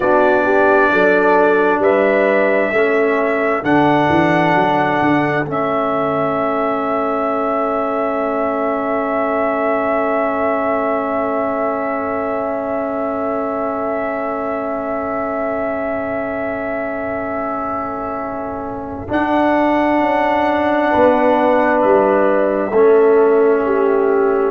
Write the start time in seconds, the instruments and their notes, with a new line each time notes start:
0.00 tuba B3, trombone D4, horn F#4, trumpet D5
0.44 horn G4
0.91 tuba F#3, horn A4
1.78 tuba G3, horn B4, trumpet E5
2.72 tuba A3, trombone C#4, horn A4
3.62 tuba D3, trombone D4, trumpet F#5
4.09 tuba E3
4.54 tuba F#3
5.01 tuba D3
5.44 tuba A3, trombone C#4, trumpet E5
19.08 trombone D4, tuba D4, trumpet F#5
20.00 tuba C#4
20.90 tuba B3, horn B4
21.80 tuba G3, trumpet E5
22.70 tuba A3, trombone C#4, horn A4
23.65 horn G4